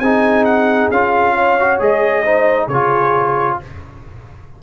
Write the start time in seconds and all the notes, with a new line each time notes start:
0.00 C4 D#4 G#4 G#5
0.45 F#5
0.91 C#4 F4 F5
1.35 C#5
1.60 F#4
1.80 G#3 G#4 D#5
2.26 D#4 C5
2.67 C#3 G#4 C#5
2.73 F4